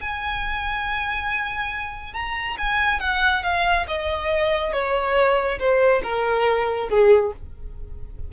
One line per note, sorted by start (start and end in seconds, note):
0.00 2.13 G#5
2.13 2.57 A#5
2.58 3.00 G#5
3.00 3.43 F#5
3.43 3.86 F5
3.88 4.72 D#5
4.72 5.59 C#5
5.59 6.02 C5
6.03 6.89 A#4
6.89 7.32 G#4